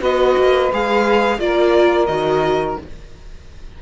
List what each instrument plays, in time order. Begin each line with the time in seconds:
0.00 cello B3, viola F#4, saxophone B4, violin D#5
0.37 cello A#3
0.73 cello G#3, viola G#4, violin F5
1.39 cello A#3, viola F4, saxophone A#4, violin D5
2.06 cello D#3, viola F#4, violin D#5